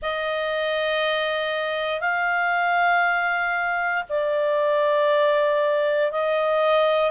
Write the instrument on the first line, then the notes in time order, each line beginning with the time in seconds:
clarinet
0.01 D#5
2.00 F5
4.09 D5
6.11 D#5